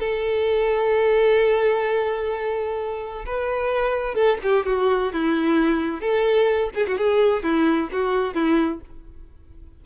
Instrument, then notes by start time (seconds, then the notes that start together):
violin
0.00 A4
3.26 B4
4.15 A4
4.43 G4
4.67 F#4
5.13 E4
6.01 A4
6.75 G#4
6.88 F#4
6.98 G#4
7.44 E4
7.93 F#4
8.34 E4